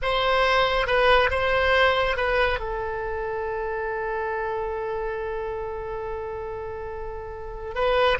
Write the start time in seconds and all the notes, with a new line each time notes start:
0.02 C5
0.86 B4
1.30 C5
2.17 B4
2.59 A4
7.74 B4